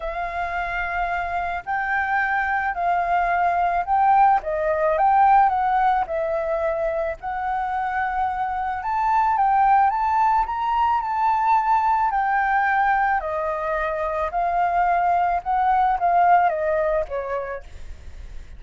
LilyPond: \new Staff \with { instrumentName = "flute" } { \time 4/4 \tempo 4 = 109 f''2. g''4~ | g''4 f''2 g''4 | dis''4 g''4 fis''4 e''4~ | e''4 fis''2. |
a''4 g''4 a''4 ais''4 | a''2 g''2 | dis''2 f''2 | fis''4 f''4 dis''4 cis''4 | }